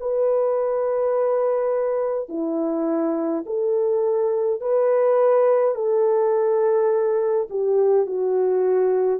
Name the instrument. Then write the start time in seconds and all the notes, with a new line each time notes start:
horn
0.00 B4
2.29 E4
3.46 A4
4.60 B4
5.75 A4
7.50 G4
8.07 F#4